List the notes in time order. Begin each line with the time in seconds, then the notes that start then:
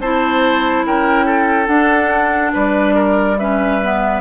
0.00 C4 E4 C5 A5
0.87 C#4 A#4 G5
1.26 A4
1.67 D4 F#5
2.54 G3 B4 D5
2.95 A#4
3.39 C#4 B4 E5
3.83 B3